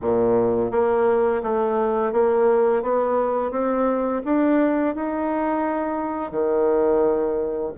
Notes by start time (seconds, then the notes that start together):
0.01 A#2
0.71 A#3
1.42 A3
2.12 A#3
2.82 B3
3.51 C4
4.24 D4
4.95 D#4
6.31 D#3